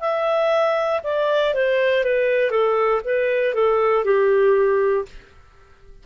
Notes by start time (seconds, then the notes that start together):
0.00 E5
1.04 D5
1.54 C5
2.04 B4
2.51 A4
3.05 B4
3.54 A4
4.05 G4